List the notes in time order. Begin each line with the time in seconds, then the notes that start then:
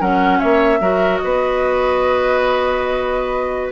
0.00 F#3 C#4 A#4 F#5
0.39 A#3 C#5 E5
0.80 F#3 F#4 A#4
1.17 D#5
1.24 B3 B4